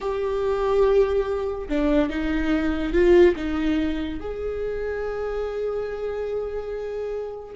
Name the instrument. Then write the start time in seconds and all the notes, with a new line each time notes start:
viola
0.00 G4
1.68 D4
2.09 D#4
2.93 F4
3.36 D#4
4.20 G#4